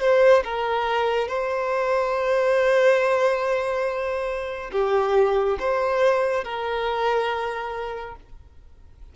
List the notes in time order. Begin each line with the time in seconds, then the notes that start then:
0.00 C5
0.44 A#4
1.28 C5
4.72 G4
5.59 C5
6.44 A#4